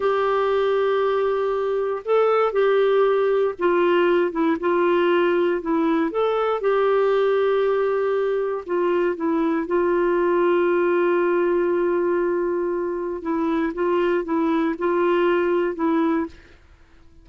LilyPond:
\new Staff \with { instrumentName = "clarinet" } { \time 4/4 \tempo 4 = 118 g'1 | a'4 g'2 f'4~ | f'8 e'8 f'2 e'4 | a'4 g'2.~ |
g'4 f'4 e'4 f'4~ | f'1~ | f'2 e'4 f'4 | e'4 f'2 e'4 | }